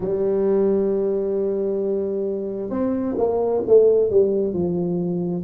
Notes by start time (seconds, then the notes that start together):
0.00 G3
2.69 C4
3.17 A#3
3.66 A3
4.10 G3
4.52 F3